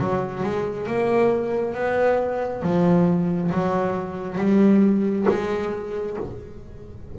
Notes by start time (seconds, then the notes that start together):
0.00 F#3
0.44 G#3
0.87 A#3
1.75 B3
2.63 F3
3.52 F#3
4.38 G3
5.29 G#3